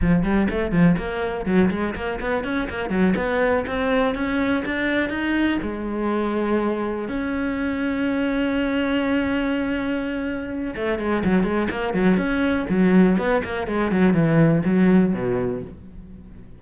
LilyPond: \new Staff \with { instrumentName = "cello" } { \time 4/4 \tempo 4 = 123 f8 g8 a8 f8 ais4 fis8 gis8 | ais8 b8 cis'8 ais8 fis8 b4 c'8~ | c'8 cis'4 d'4 dis'4 gis8~ | gis2~ gis8 cis'4.~ |
cis'1~ | cis'2 a8 gis8 fis8 gis8 | ais8 fis8 cis'4 fis4 b8 ais8 | gis8 fis8 e4 fis4 b,4 | }